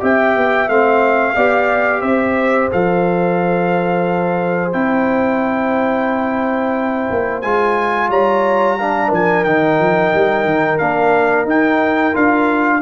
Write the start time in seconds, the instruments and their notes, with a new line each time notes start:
0.00 tuba C4, trombone G4, horn E5, trumpet G5
0.35 tuba B3
0.68 tuba A3, trombone C4, trumpet F5
1.36 tuba B3, trombone G4, horn D5
2.01 tuba C4, horn C5, trumpet E5
2.71 tuba F3, trombone A4, trumpet F5
4.72 tuba C4, trombone E4, trumpet G5
7.10 tuba A#3
7.41 tuba G#3, trombone F4, trumpet G#5
8.08 tuba G3, horn C#5, trumpet A#5
8.78 trombone D4, horn F5
9.08 tuba F3, horn A#4, trumpet G#5
9.44 tuba D#3, trombone D#4, trumpet G5
9.79 tuba F3
10.14 tuba G3
10.44 tuba D#3
10.78 tuba A#3, trombone D4, trumpet F5
11.45 tuba D#4, trombone D#4, trumpet G5
12.13 tuba D4, trombone F4, trumpet F5